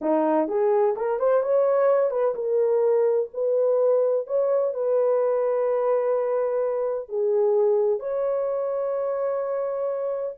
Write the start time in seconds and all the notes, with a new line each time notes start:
0.01 D#4
0.47 G#4
0.96 A#4
1.19 C5
1.42 C#5
2.10 B4
2.35 A#4
3.33 B4
4.26 C#5
4.74 B4
7.09 G#4
7.99 C#5